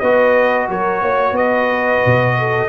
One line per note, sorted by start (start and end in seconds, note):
0.00 0.69 B3
0.00 2.69 F#4
0.00 0.69 B4
0.00 0.67 D#5
0.69 1.02 F#3
0.69 1.02 A#4
0.69 1.37 C#5
1.02 1.32 A#3
1.02 1.36 C#5
1.32 1.99 B3
1.32 2.37 B4
1.32 2.69 D#5
2.05 2.69 B2
2.38 2.69 A4